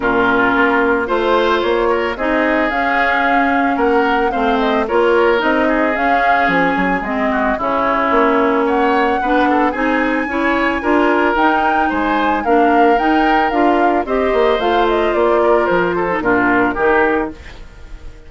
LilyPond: <<
  \new Staff \with { instrumentName = "flute" } { \time 4/4 \tempo 4 = 111 ais'2 c''4 cis''4 | dis''4 f''2 fis''4 | f''8 dis''8 cis''4 dis''4 f''4 | gis''4 dis''4 cis''2 |
fis''2 gis''2~ | gis''4 g''4 gis''4 f''4 | g''4 f''4 dis''4 f''8 dis''8 | d''4 c''4 ais'2 | }
  \new Staff \with { instrumentName = "oboe" } { \time 4/4 f'2 c''4. ais'8 | gis'2. ais'4 | c''4 ais'4. gis'4.~ | gis'4. fis'8 e'2 |
cis''4 b'8 a'8 gis'4 cis''4 | ais'2 c''4 ais'4~ | ais'2 c''2~ | c''8 ais'4 a'8 f'4 g'4 | }
  \new Staff \with { instrumentName = "clarinet" } { \time 4/4 cis'2 f'2 | dis'4 cis'2. | c'4 f'4 dis'4 cis'4~ | cis'4 c'4 cis'2~ |
cis'4 d'4 dis'4 e'4 | f'4 dis'2 d'4 | dis'4 f'4 g'4 f'4~ | f'4.~ f'16 dis'16 d'4 dis'4 | }
  \new Staff \with { instrumentName = "bassoon" } { \time 4/4 ais,4 ais4 a4 ais4 | c'4 cis'2 ais4 | a4 ais4 c'4 cis'4 | f8 fis8 gis4 cis4 ais4~ |
ais4 b4 c'4 cis'4 | d'4 dis'4 gis4 ais4 | dis'4 d'4 c'8 ais8 a4 | ais4 f4 ais,4 dis4 | }
>>